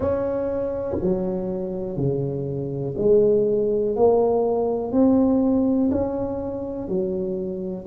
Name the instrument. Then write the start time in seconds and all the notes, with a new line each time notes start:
tuba
0.00 C#4
1.01 F#3
1.97 C#3
2.97 G#3
3.96 A#3
4.92 C4
5.91 C#4
6.88 F#3